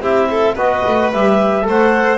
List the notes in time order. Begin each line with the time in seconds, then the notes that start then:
0.00 C4 E4 G4 E5
0.31 A4
0.55 B3 F#4 B4 D#5
0.87 A3
1.12 G3 G4 E5
1.62 A3 A4 C5
1.70 F#5